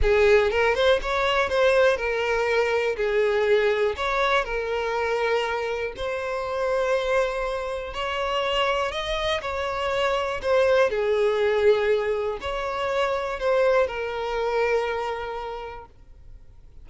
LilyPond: \new Staff \with { instrumentName = "violin" } { \time 4/4 \tempo 4 = 121 gis'4 ais'8 c''8 cis''4 c''4 | ais'2 gis'2 | cis''4 ais'2. | c''1 |
cis''2 dis''4 cis''4~ | cis''4 c''4 gis'2~ | gis'4 cis''2 c''4 | ais'1 | }